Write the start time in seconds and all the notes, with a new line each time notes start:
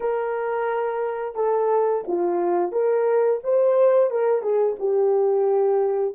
0.00 A#4
1.35 A4
2.07 F4
2.71 A#4
3.43 C5
4.10 A#4
4.42 G#4
4.79 G4